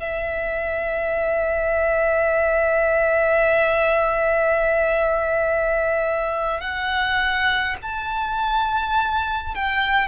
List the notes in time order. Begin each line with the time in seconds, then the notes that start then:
0.00 E5
6.61 F#5
7.82 A5
9.55 G5